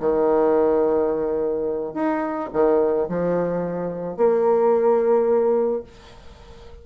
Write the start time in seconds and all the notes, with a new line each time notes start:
0.00 D#3
1.94 D#4
2.53 D#3
3.09 F3
4.17 A#3